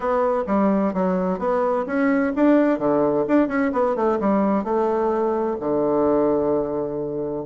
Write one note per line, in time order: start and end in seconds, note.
0.00 0.43 B3
0.47 0.93 G3
0.93 1.38 F#3
1.38 1.85 B3
1.86 2.33 C#4
2.35 2.78 D4
2.78 3.25 D3
3.27 3.48 D4
3.48 3.71 C#4
3.72 3.95 B3
3.95 4.19 A3
4.19 4.63 G3
4.63 5.56 A3
5.60 7.45 D3